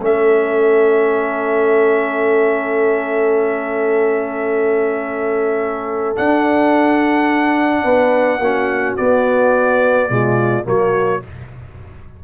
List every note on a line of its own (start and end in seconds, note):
0.00 6.17 A3
0.00 6.16 C#4
0.00 7.84 A4
0.00 6.17 E5
6.16 8.41 D4
6.16 7.85 D4
6.16 8.97 F#5
7.84 8.39 B3
7.84 8.40 B4
8.39 8.95 A#3
8.39 8.98 C#4
8.39 10.10 F#4
8.97 10.09 B3
8.97 10.10 B3
8.97 10.65 D5
10.09 10.66 B2
10.09 10.64 G#3
10.09 10.67 F4
10.64 11.23 F#3
10.64 11.20 A#3
10.64 11.24 F#4
10.64 11.24 C#5